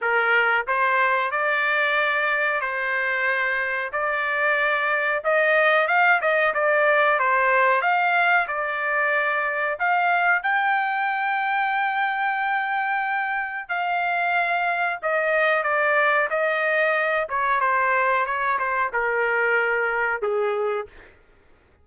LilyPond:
\new Staff \with { instrumentName = "trumpet" } { \time 4/4 \tempo 4 = 92 ais'4 c''4 d''2 | c''2 d''2 | dis''4 f''8 dis''8 d''4 c''4 | f''4 d''2 f''4 |
g''1~ | g''4 f''2 dis''4 | d''4 dis''4. cis''8 c''4 | cis''8 c''8 ais'2 gis'4 | }